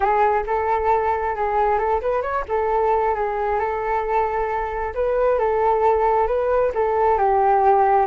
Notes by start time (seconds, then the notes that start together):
0.00 G#4
0.46 A4
1.35 G#4
1.78 A4
2.01 B4
2.22 C#5
2.48 A4
3.14 G#4
3.59 A4
4.94 B4
5.39 A4
6.27 B4
6.74 A4
7.18 G4